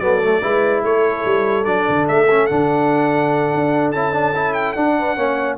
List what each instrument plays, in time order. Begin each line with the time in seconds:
0.00 tuba F#3, trombone B3, horn A4, trumpet D5
0.22 trombone A3
0.42 tuba G#3, trombone E4, horn B4
0.84 tuba A3, horn A4, trumpet C#5
1.25 tuba G3
1.65 tuba F#3, trombone D4, trumpet D5
1.89 tuba D3
2.08 tuba A3, trumpet E5
2.31 trombone C#4
2.47 tuba D3, trombone D4, trumpet F#5
3.55 tuba D4
3.92 tuba C#4, trombone E4, trumpet A5
4.13 trombone D4
4.35 trombone E4
4.54 trumpet G5
4.73 tuba D4, trombone D4, trumpet F#5
4.99 horn B4
5.16 tuba A#3, trombone C#4, horn C#5